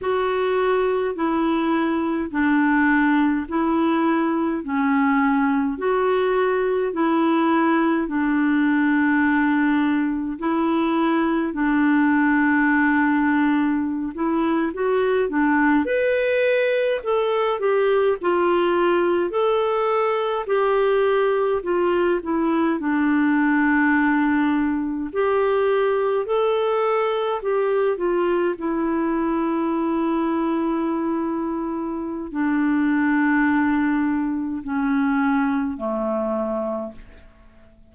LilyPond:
\new Staff \with { instrumentName = "clarinet" } { \time 4/4 \tempo 4 = 52 fis'4 e'4 d'4 e'4 | cis'4 fis'4 e'4 d'4~ | d'4 e'4 d'2~ | d'16 e'8 fis'8 d'8 b'4 a'8 g'8 f'16~ |
f'8. a'4 g'4 f'8 e'8 d'16~ | d'4.~ d'16 g'4 a'4 g'16~ | g'16 f'8 e'2.~ e'16 | d'2 cis'4 a4 | }